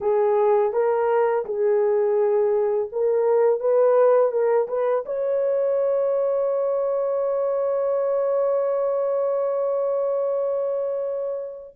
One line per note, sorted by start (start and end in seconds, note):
0.00 0.72 G#4
0.72 1.45 A#4
1.45 2.89 G#4
2.91 3.59 A#4
3.59 4.31 B4
4.31 4.67 A#4
4.68 5.04 B4
5.05 11.74 C#5